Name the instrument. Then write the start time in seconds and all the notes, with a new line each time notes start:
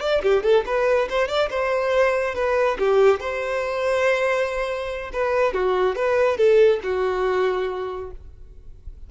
violin
0.00 D5
0.22 G4
0.43 A4
0.66 B4
1.09 C5
1.27 D5
1.50 C5
2.34 B4
2.79 G4
3.19 C5
5.12 B4
5.53 F#4
5.95 B4
6.37 A4
6.83 F#4